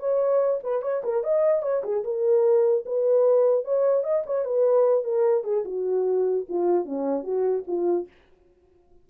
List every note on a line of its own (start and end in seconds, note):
0.00 0.60 C#5
0.64 0.83 B4
0.83 1.03 C#5
1.04 1.24 A#4
1.24 1.63 D#5
1.63 1.83 C#5
1.84 2.04 G#4
2.04 2.85 A#4
2.86 3.65 B4
3.65 4.04 C#5
4.04 4.24 D#5
4.27 4.45 C#5
4.45 5.04 B4
5.04 5.44 A#4
5.44 5.64 G#4
5.65 6.46 F#4
6.49 6.86 F4
6.86 7.24 C#4
7.24 7.64 F#4
7.68 8.08 F4